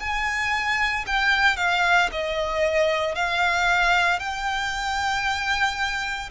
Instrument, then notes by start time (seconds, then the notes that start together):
violin
0.00 G#5
1.07 G5
1.57 F5
2.12 D#5
3.16 F5
4.20 G5